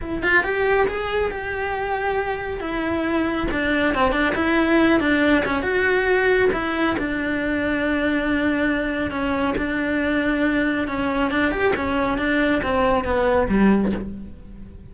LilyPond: \new Staff \with { instrumentName = "cello" } { \time 4/4 \tempo 4 = 138 e'8 f'8 g'4 gis'4 g'4~ | g'2 e'2 | d'4 c'8 d'8 e'4. d'8~ | d'8 cis'8 fis'2 e'4 |
d'1~ | d'4 cis'4 d'2~ | d'4 cis'4 d'8 g'8 cis'4 | d'4 c'4 b4 g4 | }